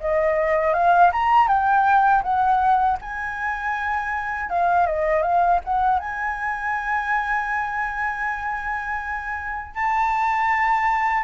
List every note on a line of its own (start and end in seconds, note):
0.00 0.73 D#5
0.73 1.11 F5
1.12 1.48 A#5
1.48 2.23 G5
2.23 2.98 F#5
3.01 4.50 G#5
4.50 4.86 F5
4.86 5.22 D#5
5.22 5.60 F5
5.64 5.99 F#5
5.99 9.74 G#5
9.74 11.24 A5